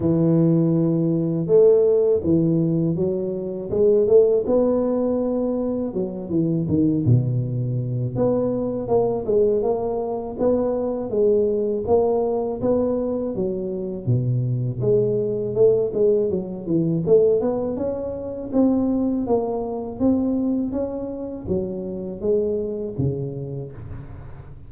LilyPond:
\new Staff \with { instrumentName = "tuba" } { \time 4/4 \tempo 4 = 81 e2 a4 e4 | fis4 gis8 a8 b2 | fis8 e8 dis8 b,4. b4 | ais8 gis8 ais4 b4 gis4 |
ais4 b4 fis4 b,4 | gis4 a8 gis8 fis8 e8 a8 b8 | cis'4 c'4 ais4 c'4 | cis'4 fis4 gis4 cis4 | }